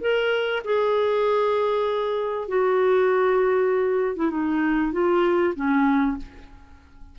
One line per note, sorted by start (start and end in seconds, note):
0.00 0.62 A#4
0.64 2.48 G#4
2.48 4.16 F#4
4.16 4.30 E4
4.30 4.92 D#4
4.92 5.54 F4
5.55 6.17 C#4